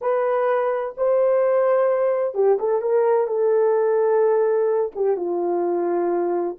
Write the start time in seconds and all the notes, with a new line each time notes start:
0.01 B4
0.97 C5
2.34 G4
2.59 A4
2.81 A#4
3.27 A4
4.95 G4
5.16 F4